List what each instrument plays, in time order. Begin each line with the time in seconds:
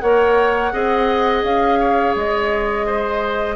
0.00 bassoon A#3, clarinet A#4, oboe C#5, flute F#5
0.72 bassoon C4, clarinet G#4, oboe D#5
1.43 bassoon C#4, flute F5
1.79 oboe C#5
2.15 bassoon G#3, flute D#5
2.86 oboe C5